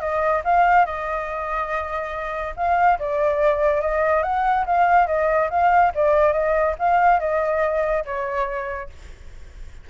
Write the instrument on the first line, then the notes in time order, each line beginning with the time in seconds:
flute
0.00 D#5
0.44 F5
0.86 D#5
2.56 F5
2.99 D5
3.82 D#5
4.23 F#5
4.66 F5
5.07 D#5
5.50 F5
5.95 D5
6.33 D#5
6.79 F5
7.20 D#5
8.05 C#5